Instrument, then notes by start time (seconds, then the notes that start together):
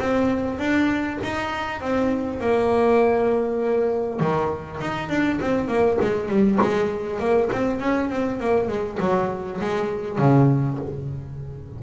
double bass
0.00 C4
0.59 D4
1.24 D#4
1.81 C4
2.41 A#3
4.21 D#3
4.81 D#4
5.10 D4
5.41 C4
5.68 A#3
6.01 G#3
6.29 G3
6.62 G#3
7.20 A#3
7.53 C4
7.81 C#4
8.11 C4
8.40 A#3
8.68 G#3
9.01 F#3
9.61 G#3
10.19 C#3